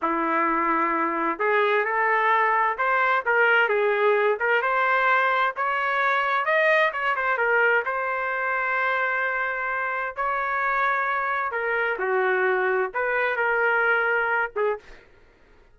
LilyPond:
\new Staff \with { instrumentName = "trumpet" } { \time 4/4 \tempo 4 = 130 e'2. gis'4 | a'2 c''4 ais'4 | gis'4. ais'8 c''2 | cis''2 dis''4 cis''8 c''8 |
ais'4 c''2.~ | c''2 cis''2~ | cis''4 ais'4 fis'2 | b'4 ais'2~ ais'8 gis'8 | }